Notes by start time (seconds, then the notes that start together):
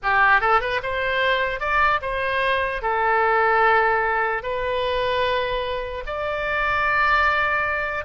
0.02 G4
0.40 A4
0.60 B4
0.82 C5
1.60 D5
2.01 C5
2.82 A4
4.42 B4
6.06 D5